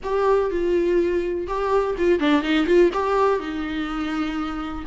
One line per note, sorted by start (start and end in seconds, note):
0.03 0.51 G4
0.51 1.47 F4
1.47 1.95 G4
1.98 2.19 F4
2.19 2.42 D4
2.42 2.66 D#4
2.66 2.90 F4
2.93 3.39 G4
3.39 4.85 D#4